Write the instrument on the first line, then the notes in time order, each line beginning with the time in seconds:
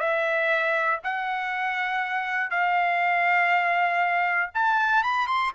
trumpet
0.00 E5
1.04 F#5
2.50 F5
4.54 A5
5.03 B5
5.27 C6